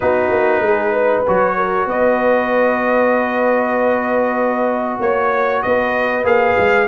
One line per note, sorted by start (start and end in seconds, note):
0.00 0.30 B3
0.00 1.26 D#4
0.00 0.64 F#4
0.00 1.23 B4
0.30 0.60 A#3
0.60 1.22 G#3
0.60 0.92 G#4
0.92 1.55 B4
1.27 1.86 F#3
1.27 6.24 F#4
1.27 1.88 C#5
1.56 1.87 A#4
1.86 4.98 B3
1.86 5.01 B4
1.86 5.01 D#5
4.99 5.62 A#3
4.99 5.62 C#5
4.99 5.63 C#5
5.62 6.24 B3
5.62 6.87 B4
5.62 6.24 D#5
6.24 6.55 A#3
6.24 6.87 G#4
6.24 6.87 F5
6.57 6.87 G#3